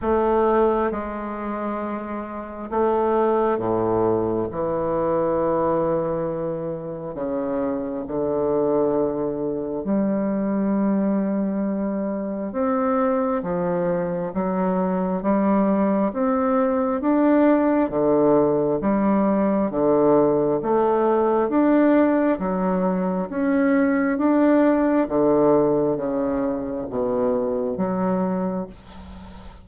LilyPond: \new Staff \with { instrumentName = "bassoon" } { \time 4/4 \tempo 4 = 67 a4 gis2 a4 | a,4 e2. | cis4 d2 g4~ | g2 c'4 f4 |
fis4 g4 c'4 d'4 | d4 g4 d4 a4 | d'4 fis4 cis'4 d'4 | d4 cis4 b,4 fis4 | }